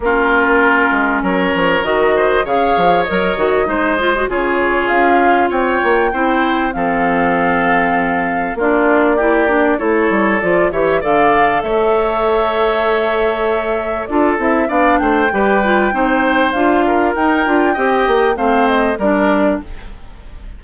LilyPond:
<<
  \new Staff \with { instrumentName = "flute" } { \time 4/4 \tempo 4 = 98 ais'2 cis''4 dis''4 | f''4 dis''2 cis''4 | f''4 g''2 f''4~ | f''2 d''2 |
cis''4 d''8 e''8 f''4 e''4~ | e''2. d''8 e''8 | f''8 g''2~ g''8 f''4 | g''2 f''8 dis''8 d''4 | }
  \new Staff \with { instrumentName = "oboe" } { \time 4/4 f'2 ais'4. c''8 | cis''2 c''4 gis'4~ | gis'4 cis''4 c''4 a'4~ | a'2 f'4 g'4 |
a'4. cis''8 d''4 cis''4~ | cis''2. a'4 | d''8 c''8 b'4 c''4. ais'8~ | ais'4 dis''4 c''4 ais'4 | }
  \new Staff \with { instrumentName = "clarinet" } { \time 4/4 cis'2. fis'4 | gis'4 ais'8 fis'8 dis'8 f'16 fis'16 f'4~ | f'2 e'4 c'4~ | c'2 d'4 e'8 d'8 |
e'4 f'8 g'8 a'2~ | a'2. f'8 e'8 | d'4 g'8 f'8 dis'4 f'4 | dis'8 f'8 g'4 c'4 d'4 | }
  \new Staff \with { instrumentName = "bassoon" } { \time 4/4 ais4. gis8 fis8 f8 dis4 | cis8 f8 fis8 dis8 gis4 cis4 | cis'4 c'8 ais8 c'4 f4~ | f2 ais2 |
a8 g8 f8 e8 d4 a4~ | a2. d'8 c'8 | b8 a8 g4 c'4 d'4 | dis'8 d'8 c'8 ais8 a4 g4 | }
>>